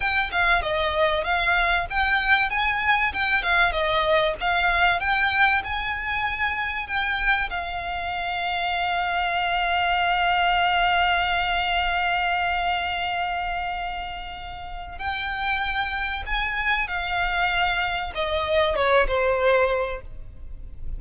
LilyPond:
\new Staff \with { instrumentName = "violin" } { \time 4/4 \tempo 4 = 96 g''8 f''8 dis''4 f''4 g''4 | gis''4 g''8 f''8 dis''4 f''4 | g''4 gis''2 g''4 | f''1~ |
f''1~ | f''1 | g''2 gis''4 f''4~ | f''4 dis''4 cis''8 c''4. | }